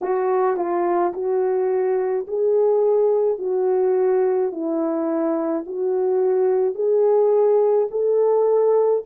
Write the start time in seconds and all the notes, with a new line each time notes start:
0.01 F#4
0.56 F4
1.13 F#4
2.27 G#4
3.38 F#4
4.51 E4
5.66 F#4
6.75 G#4
7.90 A4